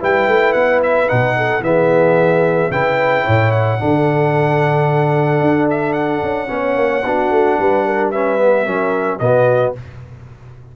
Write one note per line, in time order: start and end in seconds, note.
0.00 0.27 G3
0.00 1.07 E4
0.00 1.36 B4
0.00 0.53 G5
0.27 0.55 A3
0.53 1.09 B3
0.53 0.80 F#5
0.83 1.09 E5
1.07 1.61 B2
1.07 1.61 D#4
1.07 1.63 F#5
1.37 1.64 A4
1.61 2.69 E3
1.61 2.71 B3
1.61 2.72 G#4
1.61 2.72 E5
2.70 3.25 C#3
2.70 3.78 E4
2.70 3.24 B4
2.70 3.52 G5
3.24 3.81 A2
3.24 3.78 C#5
3.52 5.68 F#5
3.78 5.41 D3
3.78 6.48 D4
3.78 6.50 A4
5.41 6.22 D4
5.70 5.93 E5
5.93 8.09 F#5
6.22 6.49 C#4
6.48 6.76 B3
6.48 7.02 C#4
6.48 7.05 C#5
6.76 7.03 A#3
7.05 7.31 B3
7.05 8.14 D4
7.05 7.59 F#4
7.31 7.58 A3
7.59 8.67 G3
7.59 7.86 B4
7.86 8.11 A#4
8.11 8.39 C#4
8.11 8.65 B4
8.11 9.19 E5
8.39 8.66 B3
8.65 9.20 F#3
8.65 9.20 C#4
8.65 9.19 A#4
9.19 9.74 B2
9.19 9.75 B3
9.19 9.76 F#4
9.19 9.73 D#5